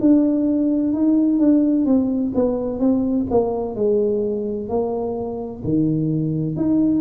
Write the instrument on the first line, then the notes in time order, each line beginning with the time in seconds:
tuba
0.00 D4
0.92 D#4
1.38 D4
1.85 C4
2.34 B3
2.79 C4
3.30 A#3
3.75 G#3
4.68 A#3
5.64 D#3
6.56 D#4